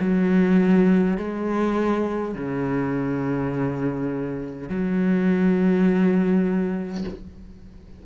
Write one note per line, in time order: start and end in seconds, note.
0.00 1.18 F#3
1.18 2.35 G#3
2.35 4.69 C#3
4.69 7.04 F#3